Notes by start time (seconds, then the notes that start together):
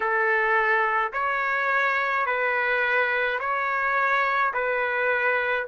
0.00 A4
1.12 C#5
2.26 B4
3.39 C#5
4.53 B4